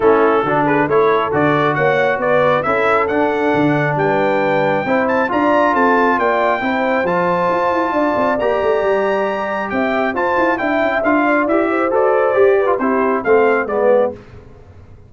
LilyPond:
<<
  \new Staff \with { instrumentName = "trumpet" } { \time 4/4 \tempo 4 = 136 a'4. b'8 cis''4 d''4 | fis''4 d''4 e''4 fis''4~ | fis''4 g''2~ g''8 a''8 | ais''4 a''4 g''2 |
a''2. ais''4~ | ais''2 g''4 a''4 | g''4 f''4 e''4 d''4~ | d''4 c''4 f''4 d''4 | }
  \new Staff \with { instrumentName = "horn" } { \time 4/4 e'4 fis'8 gis'8 a'2 | cis''4 b'4 a'2~ | a'4 b'2 c''4 | d''4 a'4 d''4 c''4~ |
c''2 d''2~ | d''2 e''4 c''4 | e''4. d''4 c''4.~ | c''8 b'8 g'4 a'4 b'4 | }
  \new Staff \with { instrumentName = "trombone" } { \time 4/4 cis'4 d'4 e'4 fis'4~ | fis'2 e'4 d'4~ | d'2. e'4 | f'2. e'4 |
f'2. g'4~ | g'2. f'4 | e'4 f'4 g'4 a'4 | g'8. f'16 e'4 c'4 b4 | }
  \new Staff \with { instrumentName = "tuba" } { \time 4/4 a4 d4 a4 d4 | ais4 b4 cis'4 d'4 | d4 g2 c'4 | d'4 c'4 ais4 c'4 |
f4 f'8 e'8 d'8 c'8 ais8 a8 | g2 c'4 f'8 e'8 | d'8 cis'8 d'4 e'4 fis'4 | g'4 c'4 a4 gis4 | }
>>